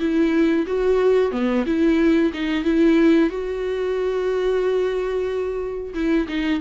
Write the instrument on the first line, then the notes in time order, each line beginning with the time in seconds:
viola
0.00 E4
0.67 F#4
1.32 B3
1.66 E4
2.34 D#4
2.65 E4
3.30 F#4
5.95 E4
6.29 D#4